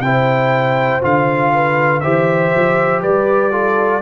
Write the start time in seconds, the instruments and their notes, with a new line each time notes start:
0.00 tuba C3, trombone E4, horn C5, trumpet G5
1.02 tuba D3, trombone F4, trumpet F5
1.54 horn B4
2.01 tuba E3, trombone G4, horn C5, trumpet E5
2.56 tuba F3
3.02 tuba G3, horn B4, trumpet D5
3.52 trombone F4, horn A4